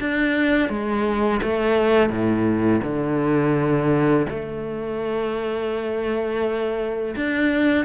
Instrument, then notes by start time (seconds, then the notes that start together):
cello
0.00 D4
0.69 G#3
1.43 A3
2.09 A2
2.83 D3
4.30 A3
7.16 D4